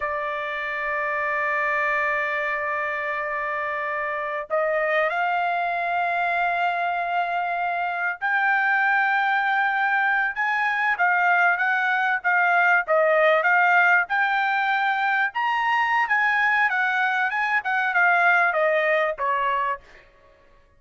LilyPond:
\new Staff \with { instrumentName = "trumpet" } { \time 4/4 \tempo 4 = 97 d''1~ | d''2.~ d''16 dis''8.~ | dis''16 f''2.~ f''8.~ | f''4~ f''16 g''2~ g''8.~ |
g''8. gis''4 f''4 fis''4 f''16~ | f''8. dis''4 f''4 g''4~ g''16~ | g''8. ais''4~ ais''16 gis''4 fis''4 | gis''8 fis''8 f''4 dis''4 cis''4 | }